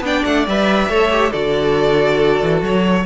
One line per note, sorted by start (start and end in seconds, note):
0.00 0.22 B3
0.00 0.47 D4
0.00 0.89 D5
0.00 0.24 G5
0.24 0.47 A3
0.24 0.46 F#5
0.47 0.89 G3
0.47 0.89 B4
0.47 1.32 E5
0.89 1.33 A3
0.89 1.10 A4
0.89 1.31 C#5
1.10 1.32 G4
1.31 2.42 D3
1.31 3.06 F#4
1.31 3.04 A4
1.31 2.62 D5
2.42 2.61 E3
2.61 3.05 F#3
2.61 3.06 C#5